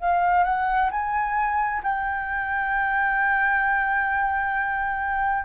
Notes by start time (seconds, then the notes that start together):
0.00 F5
0.44 F#5
0.91 G#5
1.83 G5